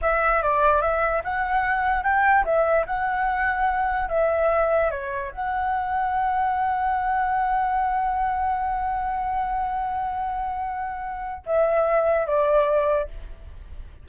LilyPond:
\new Staff \with { instrumentName = "flute" } { \time 4/4 \tempo 4 = 147 e''4 d''4 e''4 fis''4~ | fis''4 g''4 e''4 fis''4~ | fis''2 e''2 | cis''4 fis''2.~ |
fis''1~ | fis''1~ | fis''1 | e''2 d''2 | }